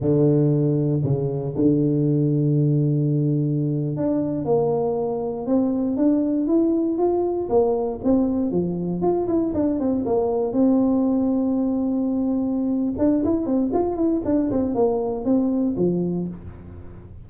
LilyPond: \new Staff \with { instrumentName = "tuba" } { \time 4/4 \tempo 4 = 118 d2 cis4 d4~ | d2.~ d8. d'16~ | d'8. ais2 c'4 d'16~ | d'8. e'4 f'4 ais4 c'16~ |
c'8. f4 f'8 e'8 d'8 c'8 ais16~ | ais8. c'2.~ c'16~ | c'4. d'8 e'8 c'8 f'8 e'8 | d'8 c'8 ais4 c'4 f4 | }